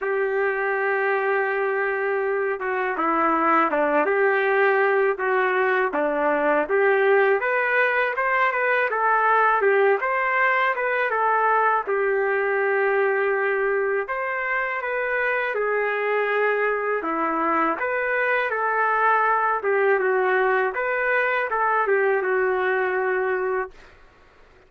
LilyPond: \new Staff \with { instrumentName = "trumpet" } { \time 4/4 \tempo 4 = 81 g'2.~ g'8 fis'8 | e'4 d'8 g'4. fis'4 | d'4 g'4 b'4 c''8 b'8 | a'4 g'8 c''4 b'8 a'4 |
g'2. c''4 | b'4 gis'2 e'4 | b'4 a'4. g'8 fis'4 | b'4 a'8 g'8 fis'2 | }